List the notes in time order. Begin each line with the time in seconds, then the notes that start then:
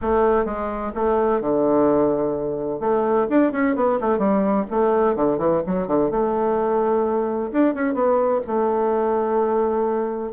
0.01 A3
0.45 G#3
0.94 A3
1.40 D3
2.80 A3
3.29 D4
3.52 C#4
3.75 B3
4.00 A3
4.18 G3
4.70 A3
5.15 D3
5.38 E3
5.66 F#3
5.87 D3
6.10 A3
7.52 D4
7.74 C#4
7.93 B3
8.46 A3